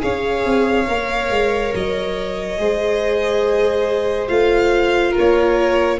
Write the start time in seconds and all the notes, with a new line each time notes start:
0.00 C#4 G#4 C#5 F5
0.45 C4
0.87 A#3 A#4
1.30 G#3
1.74 F#3 D#5
2.58 G#3 G#4 C5
4.28 A3 F4 F5
5.11 A#4
5.18 A#3 C#5